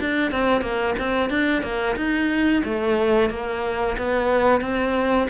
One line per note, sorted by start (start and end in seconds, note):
0.00 0.31 D4
0.31 0.61 C4
0.61 0.94 A#3
0.98 1.29 C4
1.29 1.62 D4
1.62 1.95 A#3
1.95 2.62 D#4
2.64 3.29 A3
3.29 3.96 A#3
3.97 4.61 B3
4.61 5.27 C4